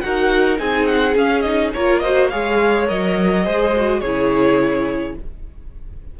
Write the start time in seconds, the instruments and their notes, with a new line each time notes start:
0.00 cello D#4, viola F#4, violin A#4 F#5
0.56 cello C4, viola D#4, violin G#4 G#5
0.86 violin F#5
1.15 viola C#4, cello C#4, violin F5
1.40 viola D#4, violin D#5
1.73 cello A#3, viola F4, violin A#4 C#5
1.99 viola F#4, violin C5 D#5
2.29 cello G#3, viola G#4, violin C#5 F5
2.87 cello F#3, viola A#4, violin D#5
3.44 cello G#3, viola G#4, violin C5
3.76 viola F#4
3.99 cello C#3, viola E4, violin G#4 C#5